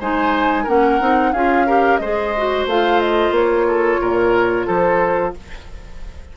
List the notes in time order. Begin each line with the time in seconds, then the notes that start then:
0.00 G#3 D#4 C5 G#5
0.64 A#3 C#4 A#4 F#5
1.01 C4 D#4
1.32 C#4 F4 G#4 F5
1.67 G4 A#4
1.97 G#3 G#4 C5 D#5
2.37 F#4
2.66 A3 F4 F5
3.00 D#5
3.31 A#3 C#5
3.67 A4
4.01 A#2 A#4
4.67 F3 A4 C5